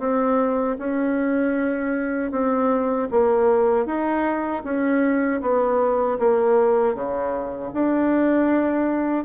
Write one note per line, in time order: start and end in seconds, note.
0.00 0.77 C4
0.79 2.32 C#4
2.32 3.09 C4
3.12 3.86 A#3
3.86 4.63 D#4
4.65 5.42 C#4
5.42 6.19 B3
6.19 6.95 A#3
6.95 7.72 C#3
7.74 9.25 D4